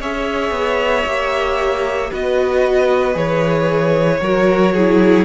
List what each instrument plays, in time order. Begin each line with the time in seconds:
0.00 cello C#4, viola G#4, violin C#5 E5
0.51 cello B3
1.06 cello A#3, viola G4
2.10 cello B3, viola F#4, violin B4 D#5
3.14 cello E3, viola G#4, violin C#5
4.20 cello F#3, viola F#4, violin A#4
4.74 viola E4, violin G#4